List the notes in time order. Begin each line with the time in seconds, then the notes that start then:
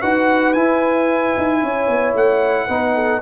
0.00 D#4 F#4 B4 F#5
0.53 E4 G#5
1.37 D#4
1.63 C#4 C#5
1.88 B3
2.15 A3 F#5
2.67 B3 D#4 B4
2.95 A4